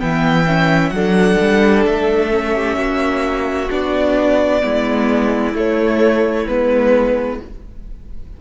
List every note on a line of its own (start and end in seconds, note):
0.00 0.91 E3
0.00 0.46 B3
0.00 0.95 E5
0.00 0.90 G5
0.47 0.94 C#4
0.90 1.37 F#3
0.90 2.55 A4
0.90 1.82 F#5
0.96 2.31 D4
1.41 1.87 G3
1.86 2.77 A3
1.86 3.70 E5
2.31 3.69 C#4
2.55 2.77 G4
2.77 3.69 A#3
2.77 4.62 F#4
3.70 4.64 B3
3.70 4.62 D4
3.70 5.57 D5
4.62 5.54 G#3
4.62 5.54 B3
4.62 7.41 E4
5.54 6.46 A3
5.54 6.48 A3
5.54 6.48 C#5
6.48 7.41 G#3
6.48 7.41 B3
6.48 7.40 B4